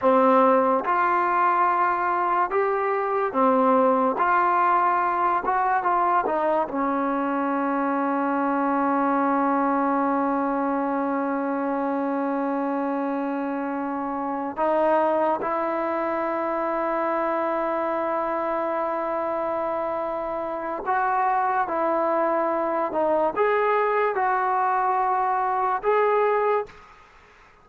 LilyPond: \new Staff \with { instrumentName = "trombone" } { \time 4/4 \tempo 4 = 72 c'4 f'2 g'4 | c'4 f'4. fis'8 f'8 dis'8 | cis'1~ | cis'1~ |
cis'4. dis'4 e'4.~ | e'1~ | e'4 fis'4 e'4. dis'8 | gis'4 fis'2 gis'4 | }